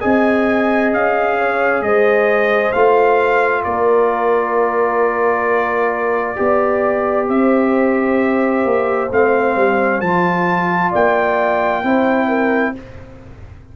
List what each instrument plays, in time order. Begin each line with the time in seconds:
0.00 tuba C4, trombone G#4, horn D#5, trumpet G#5
0.93 tuba C#4, trumpet F5
1.38 horn C#5
1.81 tuba G#3, horn C5, trumpet D#5
2.72 tuba A3, trombone F4, trumpet F5
3.64 tuba A#3, horn A#4, trumpet D5
6.36 tuba B3, trombone G4, horn D5
7.27 tuba C4, horn C5, trumpet E5
8.65 tuba A#3
9.11 tuba A3, trombone C4, trumpet F5
9.56 tuba G3
10.00 tuba F3, trombone F4, trumpet A5
10.90 tuba A#3, horn D5, trumpet G5
11.83 tuba C4, trombone E4, horn C5
12.28 horn A#4